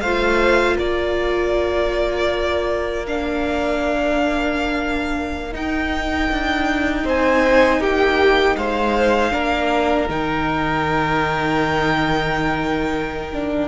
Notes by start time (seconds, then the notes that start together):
0.00 A3 F4 C5 F5
0.76 A#3 A#4 D5
3.06 D4 F5
5.52 D#4 G5
6.31 D4
7.04 C4 C5 G#5
7.80 A#3 G4 G5
8.56 G#3 C5 F5
9.31 A#3 D4 A#4
10.09 D#3 D#4 G5
13.32 D4